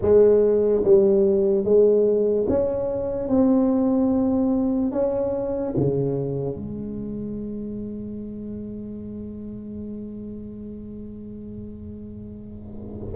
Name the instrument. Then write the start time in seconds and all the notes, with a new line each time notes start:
tuba
0.01 G#3
0.84 G3
1.64 G#3
2.48 C#4
3.28 C4
4.91 C#4
5.76 C#3
6.55 G#3